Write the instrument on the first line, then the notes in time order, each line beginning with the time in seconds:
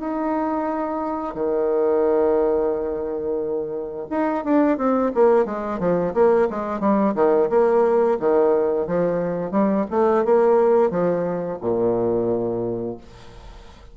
bassoon
0.00 D#4
1.35 D#3
4.11 D#4
4.45 D4
4.78 C4
5.15 A#3
5.46 G#3
5.80 F3
6.14 A#3
6.51 G#3
6.81 G3
7.15 D#3
7.50 A#3
8.20 D#3
8.87 F3
9.52 G3
9.91 A3
10.26 A#3
10.91 F3
11.61 A#2